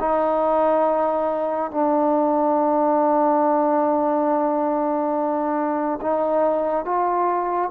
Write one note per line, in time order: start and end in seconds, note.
0.00 1.71 D#4
1.71 6.00 D4
6.02 6.85 D#4
6.85 7.71 F4